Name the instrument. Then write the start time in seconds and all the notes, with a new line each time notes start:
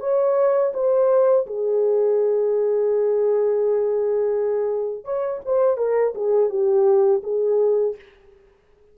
horn
0.00 C#5
0.73 C5
1.47 G#4
5.04 C#5
5.45 C5
5.77 A#4
6.14 G#4
6.49 G4
7.23 G#4